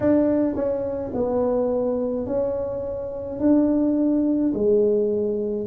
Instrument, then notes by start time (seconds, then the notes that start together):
tuba
0.00 D4
0.55 C#4
1.13 B3
2.26 C#4
3.40 D4
4.54 G#3